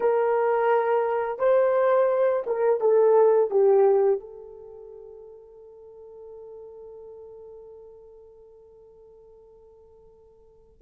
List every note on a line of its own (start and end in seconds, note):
0.00 1.38 A#4
1.38 2.43 C5
2.46 2.80 A#4
2.80 3.50 A4
3.50 4.20 G4
4.20 10.81 A4